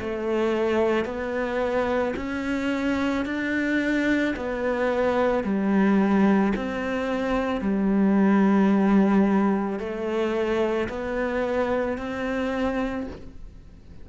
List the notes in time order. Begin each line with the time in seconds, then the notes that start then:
0.00 A3
1.05 B3
2.17 C#4
3.26 D4
4.36 B3
5.44 G3
6.56 C4
7.61 G3
9.79 A3
10.89 B3
11.98 C4